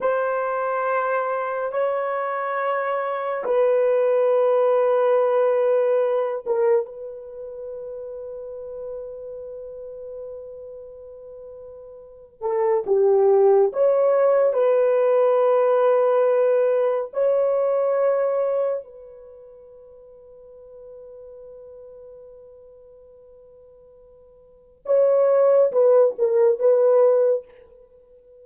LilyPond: \new Staff \with { instrumentName = "horn" } { \time 4/4 \tempo 4 = 70 c''2 cis''2 | b'2.~ b'8 ais'8 | b'1~ | b'2~ b'8 a'8 g'4 |
cis''4 b'2. | cis''2 b'2~ | b'1~ | b'4 cis''4 b'8 ais'8 b'4 | }